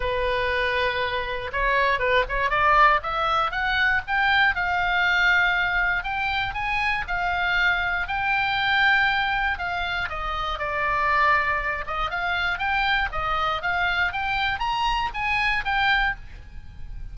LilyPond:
\new Staff \with { instrumentName = "oboe" } { \time 4/4 \tempo 4 = 119 b'2. cis''4 | b'8 cis''8 d''4 e''4 fis''4 | g''4 f''2. | g''4 gis''4 f''2 |
g''2. f''4 | dis''4 d''2~ d''8 dis''8 | f''4 g''4 dis''4 f''4 | g''4 ais''4 gis''4 g''4 | }